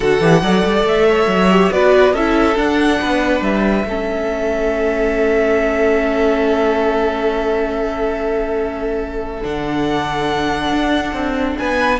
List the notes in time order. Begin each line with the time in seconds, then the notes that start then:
0.00 D3 F#4 A4 F#5
0.20 E3 G4
0.42 F#3 A4 D5
0.64 G3
0.83 A3 E5
1.09 C#5
1.26 F#3
1.50 G4
1.71 B3 F#4 B4 D5
2.13 C#4 E4 A4 E5
2.55 D4 F#5
3.01 B3 B4
3.41 G3 E5
3.85 A3 C#4 A4
9.42 D3 D4 F#5
10.72 D4
11.12 C4
11.57 B3 B4 G#5